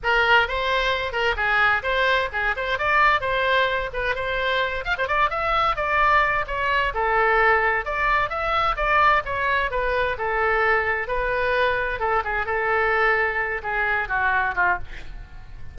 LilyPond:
\new Staff \with { instrumentName = "oboe" } { \time 4/4 \tempo 4 = 130 ais'4 c''4. ais'8 gis'4 | c''4 gis'8 c''8 d''4 c''4~ | c''8 b'8 c''4. f''16 c''16 d''8 e''8~ | e''8 d''4. cis''4 a'4~ |
a'4 d''4 e''4 d''4 | cis''4 b'4 a'2 | b'2 a'8 gis'8 a'4~ | a'4. gis'4 fis'4 f'8 | }